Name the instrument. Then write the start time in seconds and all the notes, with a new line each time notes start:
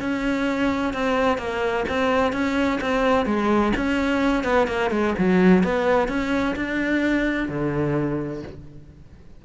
cello
0.00 C#4
0.93 C4
1.38 A#3
1.88 C4
2.32 C#4
2.81 C4
3.25 G#3
3.76 C#4
4.44 B3
4.67 A#3
4.90 G#3
5.18 F#3
5.63 B3
6.08 C#4
6.56 D4
7.48 D3